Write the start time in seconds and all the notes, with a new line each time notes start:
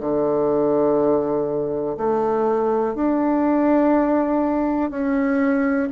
0.00 D3
1.97 A3
2.95 D4
4.90 C#4